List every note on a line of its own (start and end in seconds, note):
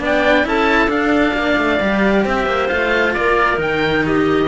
0.00 0.45 B3
0.00 0.44 D4
0.00 0.47 D5
0.00 0.48 G5
0.44 0.88 C#4
0.44 0.89 E4
0.44 1.36 A4
0.44 0.91 A5
0.88 1.33 D4
0.88 1.79 D4
0.88 2.25 F5
1.34 1.57 A#3
1.34 2.25 D5
1.58 1.81 A3
1.81 2.26 G3
1.81 2.69 G4
2.25 2.46 C4
2.25 3.15 C5
2.25 2.69 E5
2.46 2.69 A#3
2.69 3.17 A3
2.69 3.57 F4
2.69 3.14 F5
3.14 3.58 A#3
3.14 4.06 A#4
3.14 3.59 D5
3.57 4.48 D#3
3.57 4.46 D#4
3.57 4.06 G5
4.06 4.48 G4
4.06 4.48 D#5